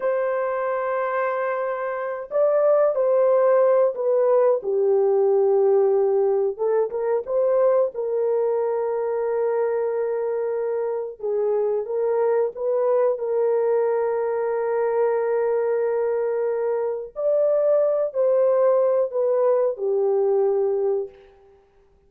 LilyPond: \new Staff \with { instrumentName = "horn" } { \time 4/4 \tempo 4 = 91 c''2.~ c''8 d''8~ | d''8 c''4. b'4 g'4~ | g'2 a'8 ais'8 c''4 | ais'1~ |
ais'4 gis'4 ais'4 b'4 | ais'1~ | ais'2 d''4. c''8~ | c''4 b'4 g'2 | }